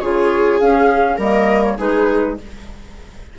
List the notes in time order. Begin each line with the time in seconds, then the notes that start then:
0.00 C#3 F4 G#4 C#5
0.60 C#4 F5
1.17 G3 A#3 A#4 D#5
1.63 C#5
1.78 G#3 D#4 G#4 B4